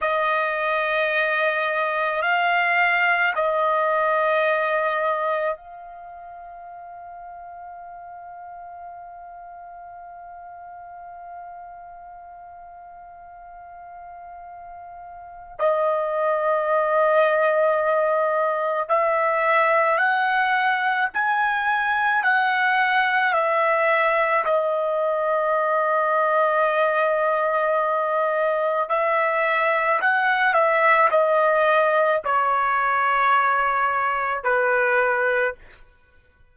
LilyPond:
\new Staff \with { instrumentName = "trumpet" } { \time 4/4 \tempo 4 = 54 dis''2 f''4 dis''4~ | dis''4 f''2.~ | f''1~ | f''2 dis''2~ |
dis''4 e''4 fis''4 gis''4 | fis''4 e''4 dis''2~ | dis''2 e''4 fis''8 e''8 | dis''4 cis''2 b'4 | }